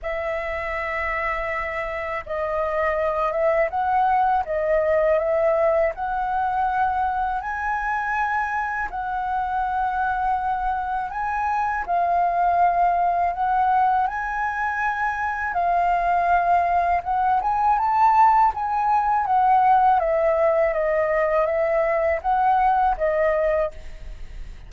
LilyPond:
\new Staff \with { instrumentName = "flute" } { \time 4/4 \tempo 4 = 81 e''2. dis''4~ | dis''8 e''8 fis''4 dis''4 e''4 | fis''2 gis''2 | fis''2. gis''4 |
f''2 fis''4 gis''4~ | gis''4 f''2 fis''8 gis''8 | a''4 gis''4 fis''4 e''4 | dis''4 e''4 fis''4 dis''4 | }